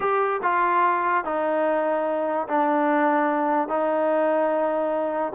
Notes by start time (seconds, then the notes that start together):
0.00 G4
0.42 F4
1.24 D#4
2.48 D4
3.68 D#4